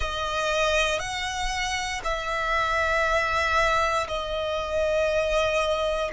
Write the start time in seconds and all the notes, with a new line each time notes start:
0.00 D#5
0.99 F#5
2.03 E5
4.07 D#5